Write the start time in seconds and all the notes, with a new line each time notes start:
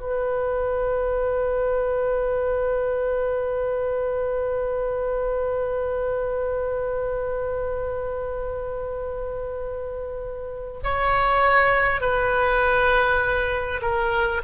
0.00 B4
10.84 C#5
12.01 B4
13.82 A#4